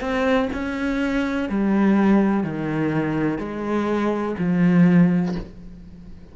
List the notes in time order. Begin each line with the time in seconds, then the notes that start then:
0.00 C4
0.53 C#4
1.49 G3
2.43 D#3
3.38 G#3
4.38 F3